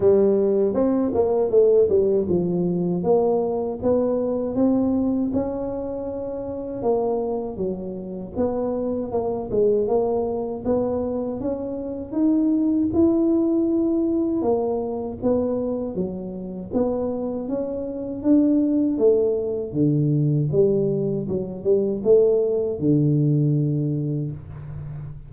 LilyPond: \new Staff \with { instrumentName = "tuba" } { \time 4/4 \tempo 4 = 79 g4 c'8 ais8 a8 g8 f4 | ais4 b4 c'4 cis'4~ | cis'4 ais4 fis4 b4 | ais8 gis8 ais4 b4 cis'4 |
dis'4 e'2 ais4 | b4 fis4 b4 cis'4 | d'4 a4 d4 g4 | fis8 g8 a4 d2 | }